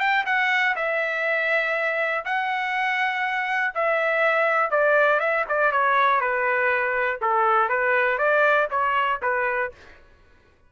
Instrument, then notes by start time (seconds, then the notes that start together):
trumpet
0.00 G5
0.26 F#5
0.76 E5
2.25 F#5
3.75 E5
4.71 D5
5.20 E5
5.49 D5
5.72 C#5
6.21 B4
7.22 A4
7.69 B4
8.18 D5
8.71 C#5
9.23 B4